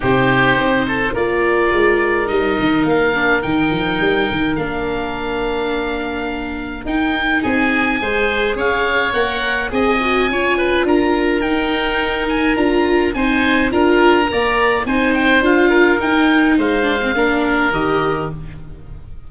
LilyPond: <<
  \new Staff \with { instrumentName = "oboe" } { \time 4/4 \tempo 4 = 105 c''2 d''2 | dis''4 f''4 g''2 | f''1 | g''4 gis''2 f''4 |
fis''4 gis''2 ais''4 | g''4. gis''8 ais''4 gis''4 | ais''2 gis''8 g''8 f''4 | g''4 f''2 dis''4 | }
  \new Staff \with { instrumentName = "oboe" } { \time 4/4 g'4. a'8 ais'2~ | ais'1~ | ais'1~ | ais'4 gis'4 c''4 cis''4~ |
cis''4 dis''4 cis''8 b'8 ais'4~ | ais'2. c''4 | ais'4 d''4 c''4. ais'8~ | ais'4 c''4 ais'2 | }
  \new Staff \with { instrumentName = "viola" } { \time 4/4 dis'2 f'2 | dis'4. d'8 dis'2 | d'1 | dis'2 gis'2 |
ais'4 gis'8 fis'8 f'2 | dis'2 f'4 dis'4 | f'4 ais'4 dis'4 f'4 | dis'4. d'16 c'16 d'4 g'4 | }
  \new Staff \with { instrumentName = "tuba" } { \time 4/4 c4 c'4 ais4 gis4 | g8 dis8 ais4 dis8 f8 g8 dis8 | ais1 | dis'4 c'4 gis4 cis'4 |
ais4 c'4 cis'4 d'4 | dis'2 d'4 c'4 | d'4 ais4 c'4 d'4 | dis'4 gis4 ais4 dis4 | }
>>